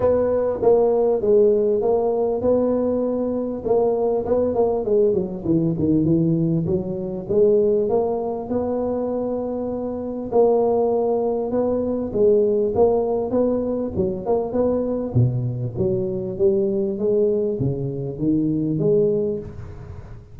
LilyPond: \new Staff \with { instrumentName = "tuba" } { \time 4/4 \tempo 4 = 99 b4 ais4 gis4 ais4 | b2 ais4 b8 ais8 | gis8 fis8 e8 dis8 e4 fis4 | gis4 ais4 b2~ |
b4 ais2 b4 | gis4 ais4 b4 fis8 ais8 | b4 b,4 fis4 g4 | gis4 cis4 dis4 gis4 | }